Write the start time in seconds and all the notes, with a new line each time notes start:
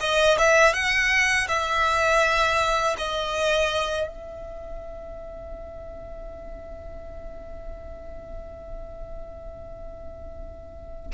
0.00 D#5
0.38 E5
0.73 F#5
1.47 E5
2.98 D#5
4.07 E5